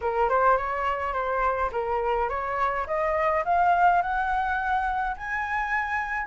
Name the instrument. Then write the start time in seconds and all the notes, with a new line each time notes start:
flute
0.01 A#4
0.29 C5
0.57 C#5
1.13 C5
1.72 A#4
2.29 C#5
2.86 D#5
3.44 F5
4.02 F#5
5.16 G#5